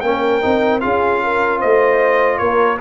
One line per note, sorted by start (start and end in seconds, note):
0.00 0.41 A#3
0.00 0.41 C#4
0.00 0.83 A#4
0.00 0.79 G5
0.41 0.83 C4
0.41 0.80 D#4
0.80 1.63 C#4
0.80 2.77 F4
0.80 1.22 G#4
0.80 1.59 F5
1.23 1.59 A#4
1.59 2.40 A3
1.59 2.38 C5
1.59 2.38 D#5
2.38 2.80 A#3
2.38 2.78 A#4
2.38 2.77 C#5